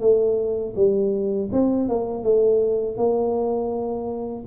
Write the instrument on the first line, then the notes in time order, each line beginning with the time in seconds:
tuba
0.00 A3
0.75 G3
1.52 C4
1.89 A#3
2.23 A3
2.97 A#3